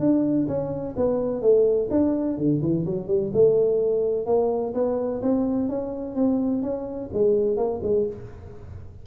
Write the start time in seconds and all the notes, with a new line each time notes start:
0.00 D4
0.48 C#4
0.96 B3
1.42 A3
1.90 D4
2.38 D3
2.62 E3
2.86 F#3
3.07 G3
3.33 A3
4.26 A#3
4.74 B3
5.22 C4
5.69 C#4
6.15 C4
6.63 C#4
7.13 G#3
7.57 A#3
7.83 G#3